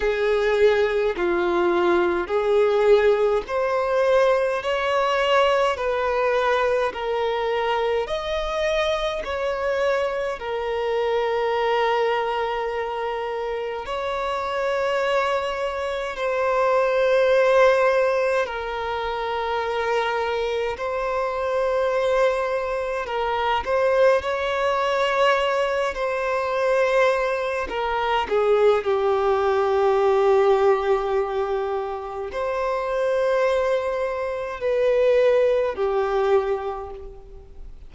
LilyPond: \new Staff \with { instrumentName = "violin" } { \time 4/4 \tempo 4 = 52 gis'4 f'4 gis'4 c''4 | cis''4 b'4 ais'4 dis''4 | cis''4 ais'2. | cis''2 c''2 |
ais'2 c''2 | ais'8 c''8 cis''4. c''4. | ais'8 gis'8 g'2. | c''2 b'4 g'4 | }